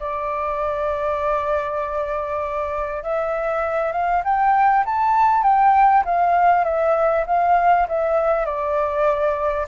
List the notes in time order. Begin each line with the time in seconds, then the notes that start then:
0.00 D5
3.03 E5
3.92 F5
4.24 G5
4.85 A5
5.43 G5
6.05 F5
6.64 E5
7.27 F5
7.88 E5
8.45 D5